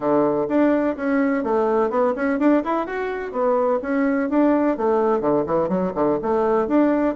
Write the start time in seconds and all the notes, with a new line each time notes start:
0.00 D3
0.48 D4
0.96 C#4
1.43 A3
1.90 B3
2.15 C#4
2.39 D4
2.63 E4
2.86 F#4
3.32 B3
3.82 C#4
4.29 D4
4.77 A3
5.20 D3
5.46 E3
5.68 F#3
5.94 D3
6.22 A3
6.67 D4